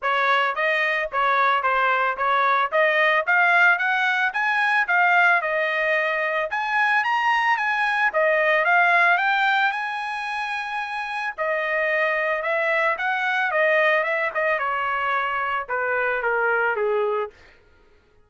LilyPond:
\new Staff \with { instrumentName = "trumpet" } { \time 4/4 \tempo 4 = 111 cis''4 dis''4 cis''4 c''4 | cis''4 dis''4 f''4 fis''4 | gis''4 f''4 dis''2 | gis''4 ais''4 gis''4 dis''4 |
f''4 g''4 gis''2~ | gis''4 dis''2 e''4 | fis''4 dis''4 e''8 dis''8 cis''4~ | cis''4 b'4 ais'4 gis'4 | }